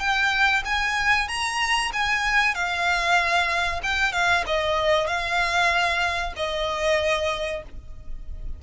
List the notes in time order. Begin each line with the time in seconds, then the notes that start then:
0.00 G5
0.65 G#5
1.28 A#5
1.93 G#5
2.55 F5
3.83 G5
4.13 F5
4.47 D#5
5.08 F5
6.36 D#5